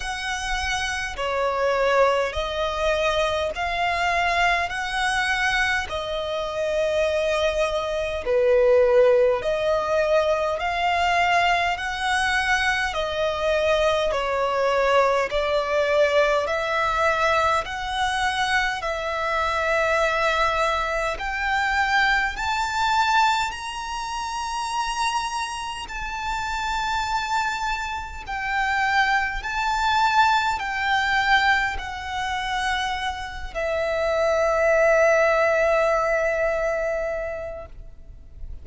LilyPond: \new Staff \with { instrumentName = "violin" } { \time 4/4 \tempo 4 = 51 fis''4 cis''4 dis''4 f''4 | fis''4 dis''2 b'4 | dis''4 f''4 fis''4 dis''4 | cis''4 d''4 e''4 fis''4 |
e''2 g''4 a''4 | ais''2 a''2 | g''4 a''4 g''4 fis''4~ | fis''8 e''2.~ e''8 | }